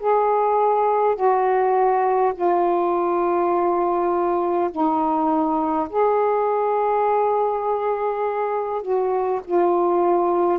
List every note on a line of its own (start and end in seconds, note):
0.00 1.16 G#4
1.16 2.34 F#4
2.35 4.71 F4
4.71 5.89 D#4
5.90 8.82 G#4
8.82 9.41 F#4
9.45 10.59 F4